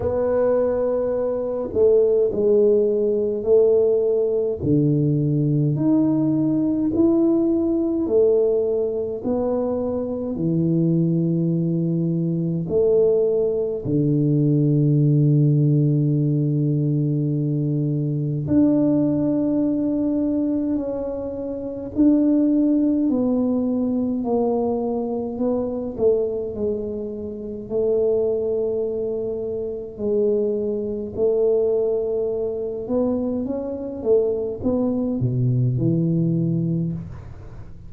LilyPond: \new Staff \with { instrumentName = "tuba" } { \time 4/4 \tempo 4 = 52 b4. a8 gis4 a4 | d4 dis'4 e'4 a4 | b4 e2 a4 | d1 |
d'2 cis'4 d'4 | b4 ais4 b8 a8 gis4 | a2 gis4 a4~ | a8 b8 cis'8 a8 b8 b,8 e4 | }